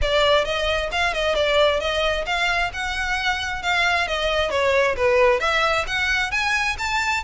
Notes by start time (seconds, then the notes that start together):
0.01 D5
0.44 D#5
0.91 F5
1.13 D#5
1.35 D5
1.79 D#5
2.26 F5
2.73 F#5
3.62 F5
4.07 D#5
4.50 C#5
4.96 B4
5.40 E5
5.87 F#5
6.31 G#5
6.78 A5